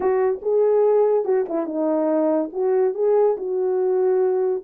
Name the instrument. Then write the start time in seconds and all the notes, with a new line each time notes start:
horn
0.00 F#4
0.42 G#4
1.24 F#4
1.48 E4
1.66 D#4
2.52 F#4
2.94 G#4
3.37 F#4